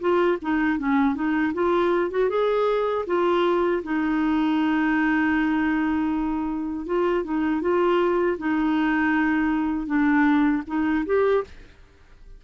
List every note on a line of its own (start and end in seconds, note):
0.00 0.38 F4
0.42 0.78 D#4
0.78 1.15 C#4
1.15 1.53 D#4
1.54 2.11 F4
2.11 2.30 F#4
2.30 3.06 G#4
3.07 3.83 F4
3.83 6.86 D#4
6.86 7.24 F4
7.24 7.62 D#4
7.62 8.38 F4
8.38 9.87 D#4
9.87 10.63 D4
10.67 11.05 D#4
11.06 11.44 G4